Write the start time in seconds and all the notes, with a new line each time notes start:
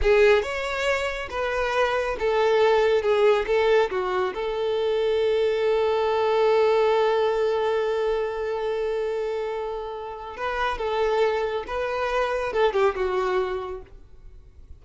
0.02 G#4
0.42 C#5
1.29 B4
2.19 A4
3.02 G#4
3.46 A4
3.90 F#4
4.34 A4
10.37 B4
10.78 A4
11.67 B4
12.52 A4
12.73 G4
12.95 F#4